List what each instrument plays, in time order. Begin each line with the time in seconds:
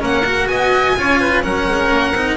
0.00 double bass A#3, cello C#4, oboe A#4, violin F#5
0.25 cello F#4
0.46 double bass B3, oboe D#5, violin G#5
0.97 double bass C#4, cello F4, oboe C#5
1.21 oboe B4
1.43 double bass F#3, cello C#4, oboe A#4, violin F#5
1.68 double bass G#3
1.91 double bass A#3
2.12 double bass C4, cello D#4